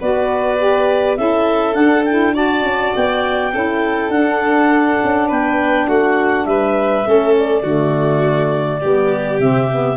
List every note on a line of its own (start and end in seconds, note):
0.00 1.18 B3
0.00 0.58 F#4
0.00 1.18 B4
0.00 1.17 D5
0.58 1.17 G4
1.17 1.76 C#4
1.17 1.73 E4
1.17 2.34 A4
1.17 1.75 E5
1.73 2.02 D4
1.73 2.63 D4
1.73 2.04 F#5
2.05 2.34 E4
2.05 2.34 G5
2.34 3.51 F#4
2.34 3.52 D5
2.34 2.95 A5
2.63 2.92 C#4
2.95 3.53 B3
2.95 4.11 G5
3.53 4.09 C#4
3.53 4.12 E4
3.53 5.28 A4
4.09 4.98 D4
4.09 7.04 D4
4.09 5.28 F#5
5.03 5.31 C#4
5.28 5.88 B3
5.28 5.87 B4
5.28 5.89 G5
5.88 6.46 A3
5.88 6.46 F#4
5.88 6.45 F#5
6.45 7.05 G3
6.45 7.07 B4
6.45 7.34 E5
7.04 7.63 A3
7.04 7.62 C#4
7.04 7.62 A4
7.39 9.40 D5
7.62 8.81 D3
7.62 8.79 A3
7.62 8.80 F#4
8.80 9.39 G3
8.80 9.41 B3
8.80 9.97 G4
9.39 9.97 C3
9.39 9.70 C4
9.39 9.97 E5
9.71 9.97 B3